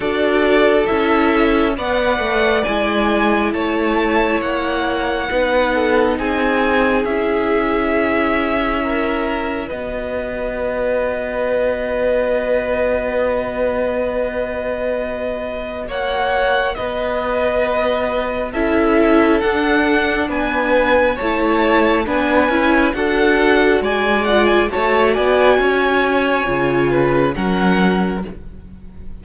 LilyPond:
<<
  \new Staff \with { instrumentName = "violin" } { \time 4/4 \tempo 4 = 68 d''4 e''4 fis''4 gis''4 | a''4 fis''2 gis''4 | e''2. dis''4~ | dis''1~ |
dis''2 fis''4 dis''4~ | dis''4 e''4 fis''4 gis''4 | a''4 gis''4 fis''4 gis''8 fis''16 gis''16 | a''8 gis''2~ gis''8 fis''4 | }
  \new Staff \with { instrumentName = "violin" } { \time 4/4 a'2 d''2 | cis''2 b'8 a'8 gis'4~ | gis'2 ais'4 b'4~ | b'1~ |
b'2 cis''4 b'4~ | b'4 a'2 b'4 | cis''4 b'4 a'4 d''4 | cis''8 d''8 cis''4. b'8 ais'4 | }
  \new Staff \with { instrumentName = "viola" } { \time 4/4 fis'4 e'4 b'4 e'4~ | e'2 dis'2 | e'2. fis'4~ | fis'1~ |
fis'1~ | fis'4 e'4 d'2 | e'4 d'8 e'8 fis'4. f'8 | fis'2 f'4 cis'4 | }
  \new Staff \with { instrumentName = "cello" } { \time 4/4 d'4 cis'4 b8 a8 gis4 | a4 ais4 b4 c'4 | cis'2. b4~ | b1~ |
b2 ais4 b4~ | b4 cis'4 d'4 b4 | a4 b8 cis'8 d'4 gis4 | a8 b8 cis'4 cis4 fis4 | }
>>